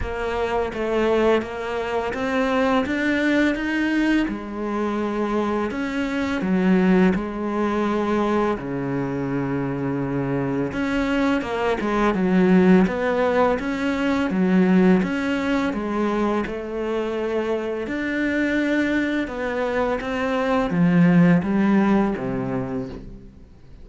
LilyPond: \new Staff \with { instrumentName = "cello" } { \time 4/4 \tempo 4 = 84 ais4 a4 ais4 c'4 | d'4 dis'4 gis2 | cis'4 fis4 gis2 | cis2. cis'4 |
ais8 gis8 fis4 b4 cis'4 | fis4 cis'4 gis4 a4~ | a4 d'2 b4 | c'4 f4 g4 c4 | }